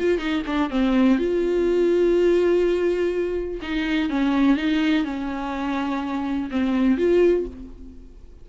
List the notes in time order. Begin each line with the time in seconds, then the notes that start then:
0.00 F4
0.19 D#4
0.47 D4
0.70 C4
1.19 F4
3.62 D#4
4.10 C#4
4.57 D#4
5.05 C#4
6.51 C4
6.98 F4